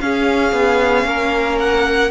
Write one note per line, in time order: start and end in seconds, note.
0.00 2.11 C#4
0.00 0.53 C#4
0.00 1.07 G#4
0.00 1.59 F5
0.53 1.04 B3
1.04 2.10 A#3
1.04 2.11 A#4
1.59 2.11 F#5